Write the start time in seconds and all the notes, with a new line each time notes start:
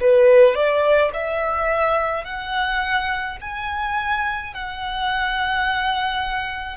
0.00 B4
0.55 D5
1.13 E5
2.24 F#5
3.41 G#5
4.54 F#5